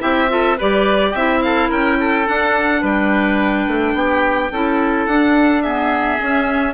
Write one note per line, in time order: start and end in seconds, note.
0.00 0.60 C4
0.00 0.28 E4
0.00 0.30 G4
0.00 0.58 E5
0.29 0.57 F4
0.29 0.58 A4
0.58 1.14 G3
0.58 1.16 G4
0.58 1.11 B4
0.58 1.16 D5
1.11 1.70 C4
1.11 2.26 E4
1.11 1.39 G4
1.11 1.42 E5
1.42 1.69 A4
1.42 1.70 F5
1.69 2.28 C#4
1.69 1.97 A#4
1.69 2.28 G5
2.00 2.81 A4
2.26 4.50 D4
2.26 2.83 D4
2.26 2.84 F#5
2.81 3.67 G3
2.81 3.94 B4
2.81 5.06 G5
3.67 3.94 A3
3.94 4.50 B3
3.94 4.52 G4
4.52 5.07 C#4
4.52 5.10 E4
4.52 5.64 A4
5.06 6.19 D4
5.06 5.64 D4
5.06 5.62 F#5
5.62 6.20 B3
5.62 6.74 G#4
5.62 6.74 E5
6.20 6.74 C#4